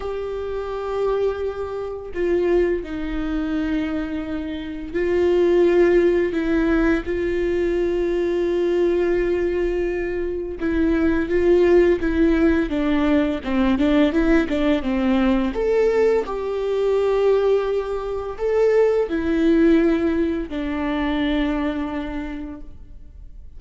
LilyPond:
\new Staff \with { instrumentName = "viola" } { \time 4/4 \tempo 4 = 85 g'2. f'4 | dis'2. f'4~ | f'4 e'4 f'2~ | f'2. e'4 |
f'4 e'4 d'4 c'8 d'8 | e'8 d'8 c'4 a'4 g'4~ | g'2 a'4 e'4~ | e'4 d'2. | }